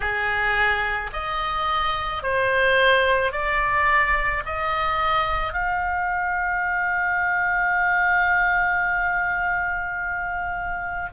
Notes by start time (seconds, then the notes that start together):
0.00 G#4
1.13 D#5
2.22 C5
3.32 D5
4.45 D#5
5.53 F5